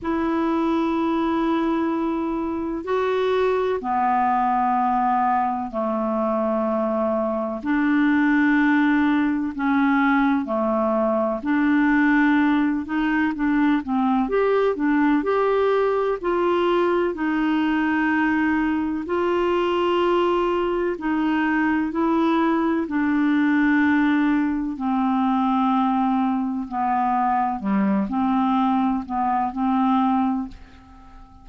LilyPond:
\new Staff \with { instrumentName = "clarinet" } { \time 4/4 \tempo 4 = 63 e'2. fis'4 | b2 a2 | d'2 cis'4 a4 | d'4. dis'8 d'8 c'8 g'8 d'8 |
g'4 f'4 dis'2 | f'2 dis'4 e'4 | d'2 c'2 | b4 g8 c'4 b8 c'4 | }